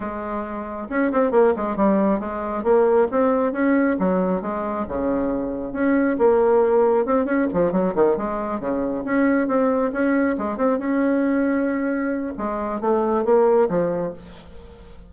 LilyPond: \new Staff \with { instrumentName = "bassoon" } { \time 4/4 \tempo 4 = 136 gis2 cis'8 c'8 ais8 gis8 | g4 gis4 ais4 c'4 | cis'4 fis4 gis4 cis4~ | cis4 cis'4 ais2 |
c'8 cis'8 f8 fis8 dis8 gis4 cis8~ | cis8 cis'4 c'4 cis'4 gis8 | c'8 cis'2.~ cis'8 | gis4 a4 ais4 f4 | }